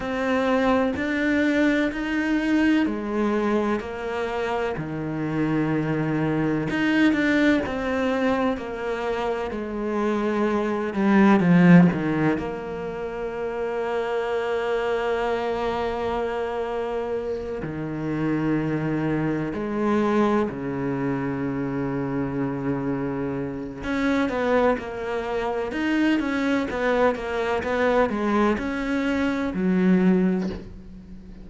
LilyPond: \new Staff \with { instrumentName = "cello" } { \time 4/4 \tempo 4 = 63 c'4 d'4 dis'4 gis4 | ais4 dis2 dis'8 d'8 | c'4 ais4 gis4. g8 | f8 dis8 ais2.~ |
ais2~ ais8 dis4.~ | dis8 gis4 cis2~ cis8~ | cis4 cis'8 b8 ais4 dis'8 cis'8 | b8 ais8 b8 gis8 cis'4 fis4 | }